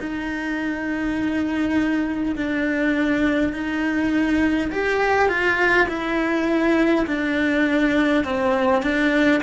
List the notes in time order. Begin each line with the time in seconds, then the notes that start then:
0.00 D#4
2.35 D4
3.53 D#4
4.71 G4
5.28 F4
5.88 E4
7.06 D4
8.24 C4
8.82 D4